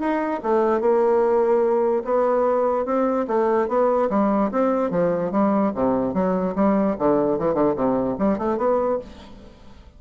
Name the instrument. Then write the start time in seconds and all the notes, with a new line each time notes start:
bassoon
0.00 D#4
0.43 A3
0.81 A#3
2.05 B3
2.85 C4
3.27 A3
3.68 B3
4.10 G3
4.51 C4
4.91 F3
5.31 G3
5.75 C3
6.14 F#3
6.55 G3
6.99 D3
7.39 E3
7.55 D3
7.76 C3
8.19 G3
8.38 A3
8.58 B3